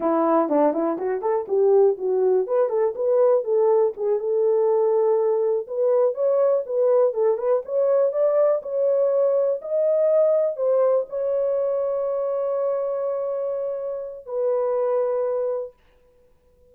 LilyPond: \new Staff \with { instrumentName = "horn" } { \time 4/4 \tempo 4 = 122 e'4 d'8 e'8 fis'8 a'8 g'4 | fis'4 b'8 a'8 b'4 a'4 | gis'8 a'2. b'8~ | b'8 cis''4 b'4 a'8 b'8 cis''8~ |
cis''8 d''4 cis''2 dis''8~ | dis''4. c''4 cis''4.~ | cis''1~ | cis''4 b'2. | }